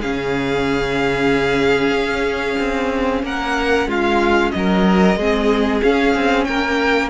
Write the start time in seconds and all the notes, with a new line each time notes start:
0.00 C#3 C#4 G#4 F5
1.91 C#4
2.58 C4
3.23 A#3 A#4 F#5
3.86 G#3 F4 F5
4.51 F#3 D#5
4.57 A#4
5.16 G#3 C4 G#4
5.83 C#4 F5
6.15 C4
6.44 A#3 A#4 G5